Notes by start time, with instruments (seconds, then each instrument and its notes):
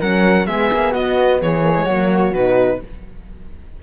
0.00 cello F#3, horn C#4, flute A#4, violin F#5
0.47 cello G#3, horn B3, flute G#4, violin E5
0.73 cello A#3
0.91 cello B3, flute F#4, violin D#5
1.42 cello E3, flute G#4, violin C#5
1.62 horn A#3
1.77 horn G#3
1.85 cello F#3, horn A#3, flute F#4
2.31 cello B2, horn D#4, violin B4